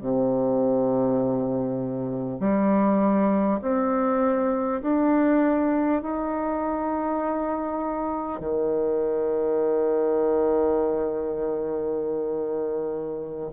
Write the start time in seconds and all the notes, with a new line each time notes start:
0.00 C3
2.40 G3
3.61 C4
4.82 D4
6.02 D#4
8.39 D#3